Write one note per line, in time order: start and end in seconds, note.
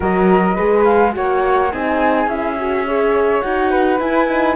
0.00 0.57 F#3
0.00 0.54 F#4
0.00 0.55 A#4
0.00 0.84 D#5
0.55 1.16 G#3
0.55 1.12 G#4
0.55 1.12 B4
0.84 1.13 F5
1.12 1.73 A#3
1.12 1.69 F#4
1.12 1.71 C#5
1.12 1.72 F#5
1.71 2.26 C4
1.71 2.28 D#4
1.71 2.86 G#4
1.71 2.29 G#5
2.26 3.41 C#4
2.26 2.57 E4
2.26 3.41 E5
2.58 2.86 F#4
2.86 3.42 G#4
2.86 3.70 C#5
3.41 3.99 D#4
3.41 3.99 F#4
3.41 3.98 F#5
3.70 4.55 B4
3.99 4.55 E4
3.99 4.28 E4
3.99 4.55 G#5
4.28 4.55 D#4